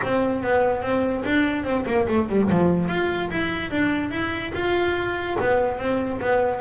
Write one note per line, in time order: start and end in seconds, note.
0.03 0.43 C4
0.43 0.82 B3
0.82 1.23 C4
1.25 1.64 D4
1.64 1.85 C4
1.85 2.06 A#3
2.08 2.28 A3
2.29 2.49 G3
2.50 2.88 F3
2.88 3.29 F4
3.30 3.70 E4
3.70 4.10 D4
4.10 4.52 E4
4.54 5.37 F4
5.40 5.78 B3
5.78 6.20 C4
6.21 6.60 B3